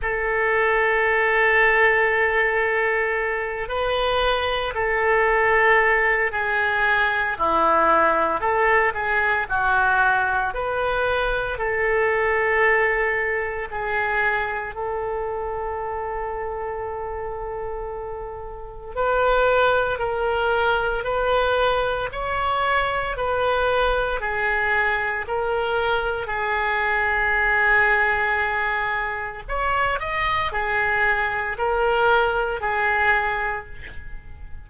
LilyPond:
\new Staff \with { instrumentName = "oboe" } { \time 4/4 \tempo 4 = 57 a'2.~ a'8 b'8~ | b'8 a'4. gis'4 e'4 | a'8 gis'8 fis'4 b'4 a'4~ | a'4 gis'4 a'2~ |
a'2 b'4 ais'4 | b'4 cis''4 b'4 gis'4 | ais'4 gis'2. | cis''8 dis''8 gis'4 ais'4 gis'4 | }